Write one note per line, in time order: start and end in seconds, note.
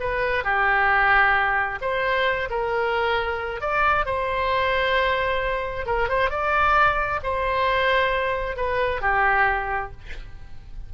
0.00 0.44 B4
0.44 1.79 G4
1.81 2.49 C5
2.50 3.61 A#4
3.61 4.05 D5
4.05 5.86 C5
5.86 6.08 A#4
6.08 6.30 C5
6.30 7.20 D5
7.23 8.56 C5
8.56 9.01 B4
9.01 9.91 G4